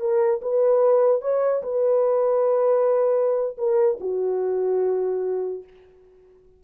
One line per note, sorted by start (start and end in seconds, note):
0.00 0.41 A#4
0.42 1.22 B4
1.22 1.63 C#5
1.63 3.57 B4
3.58 3.99 A#4
4.01 5.64 F#4